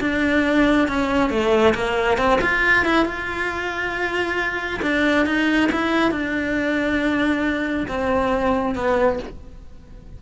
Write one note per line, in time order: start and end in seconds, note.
0.00 0.87 D4
0.87 1.30 C#4
1.30 1.74 A3
1.74 2.17 A#3
2.17 2.39 C4
2.41 2.85 F4
2.85 3.05 E4
3.05 4.80 F4
4.82 5.26 D4
5.26 5.70 D#4
5.72 6.11 E4
6.11 7.86 D4
7.88 8.75 C4
8.75 9.19 B3